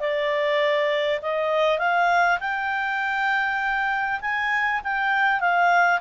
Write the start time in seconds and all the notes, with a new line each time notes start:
0.00 D5
1.22 D#5
1.79 F5
2.40 G5
4.21 G#5
4.84 G5
5.41 F5